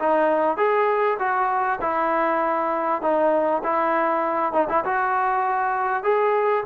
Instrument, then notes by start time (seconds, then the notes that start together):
trombone
0.00 D#4
0.58 G#4
1.19 F#4
1.82 E4
3.02 D#4
3.64 E4
4.53 D#4
4.69 E4
4.85 F#4
6.04 G#4